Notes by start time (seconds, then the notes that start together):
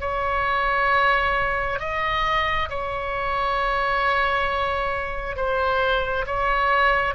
0.00 C#5
1.79 D#5
2.69 C#5
5.36 C5
6.26 C#5